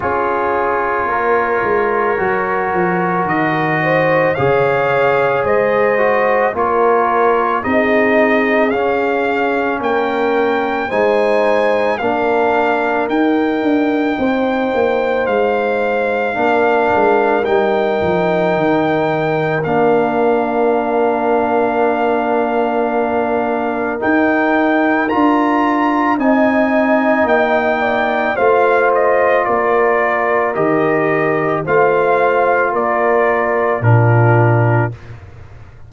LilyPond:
<<
  \new Staff \with { instrumentName = "trumpet" } { \time 4/4 \tempo 4 = 55 cis''2. dis''4 | f''4 dis''4 cis''4 dis''4 | f''4 g''4 gis''4 f''4 | g''2 f''2 |
g''2 f''2~ | f''2 g''4 ais''4 | gis''4 g''4 f''8 dis''8 d''4 | dis''4 f''4 d''4 ais'4 | }
  \new Staff \with { instrumentName = "horn" } { \time 4/4 gis'4 ais'2~ ais'8 c''8 | cis''4 c''4 ais'4 gis'4~ | gis'4 ais'4 c''4 ais'4~ | ais'4 c''2 ais'4~ |
ais'1~ | ais'1 | dis''4. d''8 c''4 ais'4~ | ais'4 c''4 ais'4 f'4 | }
  \new Staff \with { instrumentName = "trombone" } { \time 4/4 f'2 fis'2 | gis'4. fis'8 f'4 dis'4 | cis'2 dis'4 d'4 | dis'2. d'4 |
dis'2 d'2~ | d'2 dis'4 f'4 | dis'2 f'2 | g'4 f'2 d'4 | }
  \new Staff \with { instrumentName = "tuba" } { \time 4/4 cis'4 ais8 gis8 fis8 f8 dis4 | cis4 gis4 ais4 c'4 | cis'4 ais4 gis4 ais4 | dis'8 d'8 c'8 ais8 gis4 ais8 gis8 |
g8 f8 dis4 ais2~ | ais2 dis'4 d'4 | c'4 ais4 a4 ais4 | dis4 a4 ais4 ais,4 | }
>>